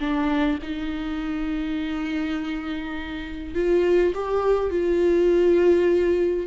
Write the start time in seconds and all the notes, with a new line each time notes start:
0.00 D4
0.63 D#4
3.55 F4
4.14 G4
4.71 F4